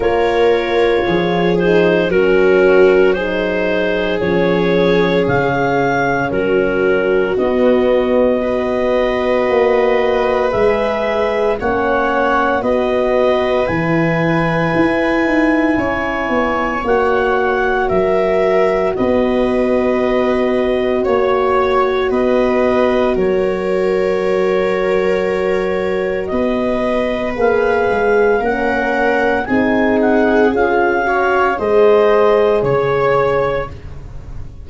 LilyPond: <<
  \new Staff \with { instrumentName = "clarinet" } { \time 4/4 \tempo 4 = 57 cis''4. c''8 ais'4 c''4 | cis''4 f''4 ais'4 dis''4~ | dis''2 e''4 fis''4 | dis''4 gis''2. |
fis''4 e''4 dis''2 | cis''4 dis''4 cis''2~ | cis''4 dis''4 f''4 fis''4 | gis''8 fis''8 f''4 dis''4 cis''4 | }
  \new Staff \with { instrumentName = "viola" } { \time 4/4 ais'4 gis'4 fis'4 gis'4~ | gis'2 fis'2 | b'2. cis''4 | b'2. cis''4~ |
cis''4 ais'4 b'2 | cis''4 b'4 ais'2~ | ais'4 b'2 ais'4 | gis'4. cis''8 c''4 cis''4 | }
  \new Staff \with { instrumentName = "horn" } { \time 4/4 f'4. dis'8 cis'4 dis'4 | cis'2. b4 | fis'2 gis'4 cis'4 | fis'4 e'2. |
fis'1~ | fis'1~ | fis'2 gis'4 cis'4 | dis'4 f'8 fis'8 gis'2 | }
  \new Staff \with { instrumentName = "tuba" } { \time 4/4 ais4 f4 fis2 | f4 cis4 fis4 b4~ | b4 ais4 gis4 ais4 | b4 e4 e'8 dis'8 cis'8 b8 |
ais4 fis4 b2 | ais4 b4 fis2~ | fis4 b4 ais8 gis8 ais4 | c'4 cis'4 gis4 cis4 | }
>>